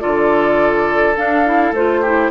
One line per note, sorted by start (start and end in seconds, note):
0.00 1.18 D3
0.00 1.15 F4
0.00 2.01 A4
0.00 1.14 D5
1.16 1.45 D4
1.16 1.72 D4
1.16 1.74 F5
1.45 1.74 E4
1.72 2.29 A3
1.72 2.05 F4
1.72 2.31 C5
2.01 2.31 E4
2.01 2.30 G4